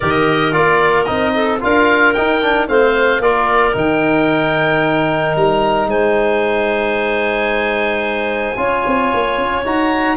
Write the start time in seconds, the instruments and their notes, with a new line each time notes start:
0.00 tuba D#3, trombone G4, clarinet A#4, oboe D#5
0.52 tuba A#3, trombone F4, oboe D5
1.04 tuba C4, trombone D#4, oboe D#5
1.34 clarinet A4
1.60 tuba D4, trombone F4, clarinet A#4, oboe F5
2.13 trombone D#4, tuba D#4, oboe G5
2.42 trombone D4
2.67 tuba A3, trombone C4, clarinet C5, oboe F5
3.19 tuba A#3, trombone F4, clarinet A#4, oboe D5
3.73 tuba D#3, trombone D#4, oboe G5
5.35 tuba G3, oboe A#5
5.85 tuba G#3, clarinet C5, oboe G#5
8.56 tuba C#4, trombone F4, clarinet C#5
8.86 tuba C4
9.13 tuba A#3
9.37 tuba C#4
9.64 tuba D#4, trombone F#4, oboe A#5